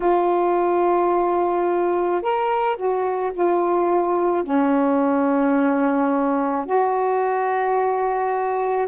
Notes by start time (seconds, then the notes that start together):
0.00 F4
2.22 A#4
2.76 F#4
3.33 F4
4.43 C#4
6.65 F#4